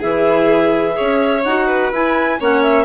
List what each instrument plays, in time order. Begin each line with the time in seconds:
0.00 bassoon E3, clarinet E4 E5, violin G#4
0.92 clarinet G#4, violin C#5
1.00 bassoon C#4
1.44 bassoon D#4, clarinet F#4 F#5
1.66 violin B4
1.92 bassoon E4, clarinet E4 G#5
2.40 bassoon A#3, clarinet C#4 F#5, violin C#5
2.62 clarinet E5